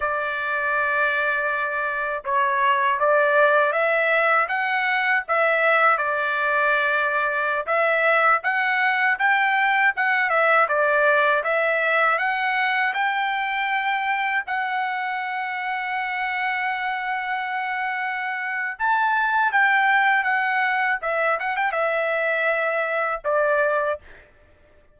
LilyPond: \new Staff \with { instrumentName = "trumpet" } { \time 4/4 \tempo 4 = 80 d''2. cis''4 | d''4 e''4 fis''4 e''4 | d''2~ d''16 e''4 fis''8.~ | fis''16 g''4 fis''8 e''8 d''4 e''8.~ |
e''16 fis''4 g''2 fis''8.~ | fis''1~ | fis''4 a''4 g''4 fis''4 | e''8 fis''16 g''16 e''2 d''4 | }